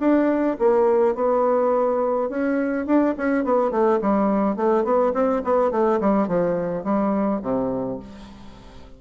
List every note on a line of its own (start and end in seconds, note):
0.00 0.57 D4
0.59 1.15 A#3
1.15 2.29 B3
2.29 2.86 C#4
2.86 3.15 D4
3.17 3.44 C#4
3.44 3.71 B3
3.71 3.99 A3
4.02 4.56 G3
4.56 4.84 A3
4.84 5.13 B3
5.14 5.42 C4
5.44 5.71 B3
5.71 6.00 A3
6.01 6.28 G3
6.28 6.84 F3
6.84 7.41 G3
7.42 7.99 C3